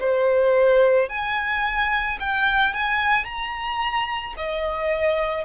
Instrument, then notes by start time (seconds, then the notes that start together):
violin
0.00 C5
1.09 G#5
2.20 G5
2.74 G#5
3.25 A#5
4.37 D#5